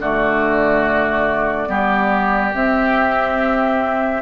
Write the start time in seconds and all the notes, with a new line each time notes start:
0.00 D3 A3 F#4 D5
1.68 G3 B3 G4
2.54 C4 E5